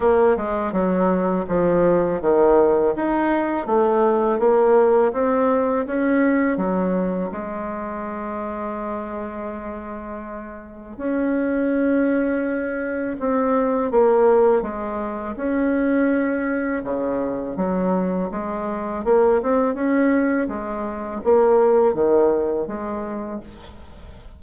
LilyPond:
\new Staff \with { instrumentName = "bassoon" } { \time 4/4 \tempo 4 = 82 ais8 gis8 fis4 f4 dis4 | dis'4 a4 ais4 c'4 | cis'4 fis4 gis2~ | gis2. cis'4~ |
cis'2 c'4 ais4 | gis4 cis'2 cis4 | fis4 gis4 ais8 c'8 cis'4 | gis4 ais4 dis4 gis4 | }